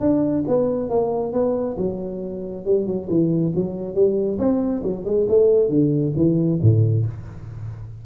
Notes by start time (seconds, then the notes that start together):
0.00 D4
0.47 B3
0.89 A#3
1.32 B3
1.77 F#3
2.65 G3
2.86 F#3
3.09 E3
3.55 F#3
3.94 G3
4.38 C4
4.83 F#3
5.05 G#3
5.28 A3
5.69 D3
6.16 E3
6.61 A2